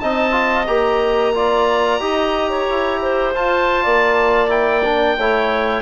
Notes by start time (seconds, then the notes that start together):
0.00 C4 D#4 D#5 A5
0.32 F4
0.67 A#3 G4 A#5
1.35 F4 D5
2.00 D#4 G4 D#5
2.50 C#5
2.70 E4
3.02 C5
3.35 F4 A5
3.84 A#3 D5
4.49 E4 G5
4.84 D4
5.18 A3 E4 C#5